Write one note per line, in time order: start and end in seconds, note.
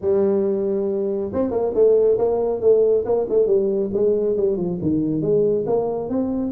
0.01 1.31 G3
1.33 1.51 C4
1.51 1.72 A#3
1.74 2.17 A3
2.18 2.61 A#3
2.61 3.04 A3
3.05 3.26 A#3
3.29 3.46 A3
3.46 3.90 G3
3.93 4.36 G#3
4.37 4.56 G3
4.56 4.78 F3
4.81 5.21 D#3
5.21 5.65 G#3
5.66 6.09 A#3
6.09 6.51 C4